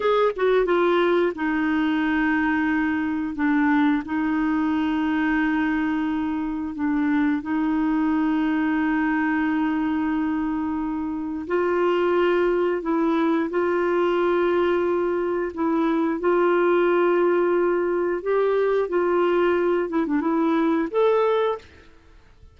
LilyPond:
\new Staff \with { instrumentName = "clarinet" } { \time 4/4 \tempo 4 = 89 gis'8 fis'8 f'4 dis'2~ | dis'4 d'4 dis'2~ | dis'2 d'4 dis'4~ | dis'1~ |
dis'4 f'2 e'4 | f'2. e'4 | f'2. g'4 | f'4. e'16 d'16 e'4 a'4 | }